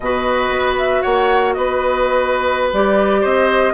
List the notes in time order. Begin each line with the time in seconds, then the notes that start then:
0.00 B2 F#4 B4 D#5
0.50 B3
0.78 E5
1.02 A#3 C#5 F#5
1.53 B3 B4 D#5
2.73 G3 G4 D5
3.21 C4 C5 D#5